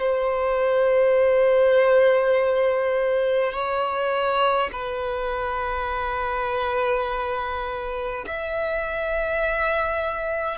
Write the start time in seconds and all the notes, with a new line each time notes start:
0.00 C5
3.52 C#5
4.73 B4
8.27 E5